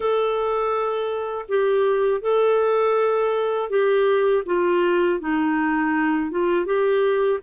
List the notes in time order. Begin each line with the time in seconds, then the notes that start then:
0.00 A4
1.48 G4
2.21 A4
3.69 G4
4.45 F4
5.20 D#4
6.31 F4
6.65 G4